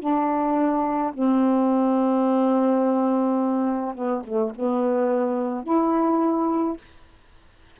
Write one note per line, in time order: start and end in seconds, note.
0.00 1.13 D4
1.13 3.95 C4
3.95 4.23 B3
4.24 4.52 A3
4.55 5.64 B3
5.64 6.77 E4